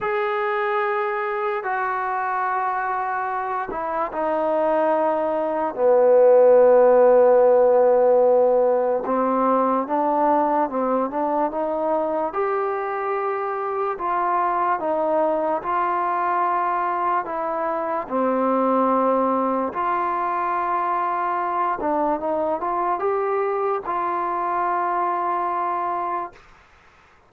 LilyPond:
\new Staff \with { instrumentName = "trombone" } { \time 4/4 \tempo 4 = 73 gis'2 fis'2~ | fis'8 e'8 dis'2 b4~ | b2. c'4 | d'4 c'8 d'8 dis'4 g'4~ |
g'4 f'4 dis'4 f'4~ | f'4 e'4 c'2 | f'2~ f'8 d'8 dis'8 f'8 | g'4 f'2. | }